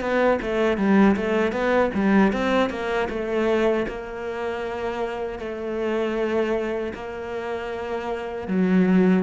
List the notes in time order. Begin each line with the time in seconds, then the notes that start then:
0.00 B3
0.41 A3
0.77 G3
1.16 A3
1.52 B3
1.94 G3
2.32 C4
2.70 A#3
3.09 A3
3.87 A#3
5.39 A3
6.94 A#3
8.48 F#3